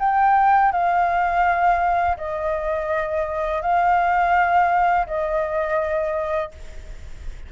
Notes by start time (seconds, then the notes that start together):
0.00 G5
0.72 F5
2.17 D#5
3.62 F5
5.07 D#5